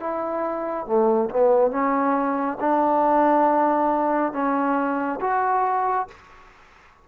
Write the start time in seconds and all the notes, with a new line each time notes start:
0.00 E4
0.87 A3
1.30 B3
1.71 C#4
2.60 D4
4.33 C#4
5.21 F#4